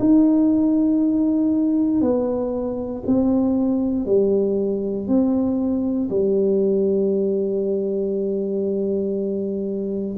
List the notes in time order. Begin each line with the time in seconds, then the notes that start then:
0.00 D#4
2.02 B3
3.06 C4
4.06 G3
5.08 C4
6.10 G3